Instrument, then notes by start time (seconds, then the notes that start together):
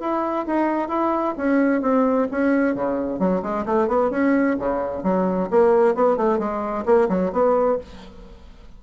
bassoon
0.00 E4
0.46 D#4
0.88 E4
1.37 C#4
1.82 C4
2.31 C#4
2.75 C#3
3.19 F#3
3.42 G#3
3.65 A3
3.87 B3
4.10 C#4
4.59 C#3
5.03 F#3
5.50 A#3
5.95 B3
6.17 A3
6.39 G#3
6.85 A#3
7.09 F#3
7.32 B3